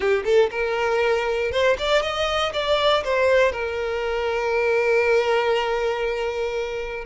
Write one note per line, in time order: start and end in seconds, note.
0.00 0.23 G4
0.24 0.50 A4
0.50 1.51 A#4
1.51 1.76 C5
1.78 2.02 D5
2.02 2.52 D#5
2.53 3.03 D5
3.04 3.52 C5
3.52 7.05 A#4